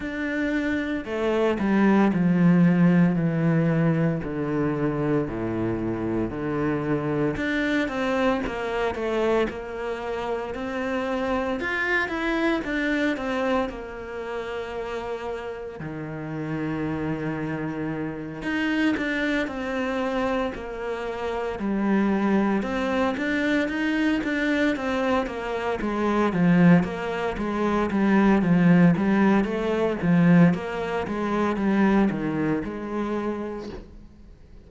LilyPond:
\new Staff \with { instrumentName = "cello" } { \time 4/4 \tempo 4 = 57 d'4 a8 g8 f4 e4 | d4 a,4 d4 d'8 c'8 | ais8 a8 ais4 c'4 f'8 e'8 | d'8 c'8 ais2 dis4~ |
dis4. dis'8 d'8 c'4 ais8~ | ais8 g4 c'8 d'8 dis'8 d'8 c'8 | ais8 gis8 f8 ais8 gis8 g8 f8 g8 | a8 f8 ais8 gis8 g8 dis8 gis4 | }